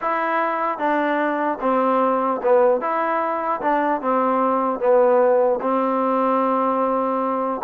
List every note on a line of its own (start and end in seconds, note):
0.01 0.78 E4
0.78 1.58 D4
1.60 2.40 C4
2.43 2.80 B3
2.80 3.60 E4
3.61 4.01 D4
4.01 4.79 C4
4.79 5.59 B3
5.61 7.61 C4